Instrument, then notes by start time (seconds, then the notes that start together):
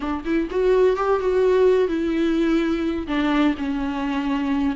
viola
0.00 D4
0.24 E4
0.50 F#4
0.96 G4
1.19 F#4
1.87 E4
3.07 D4
3.57 C#4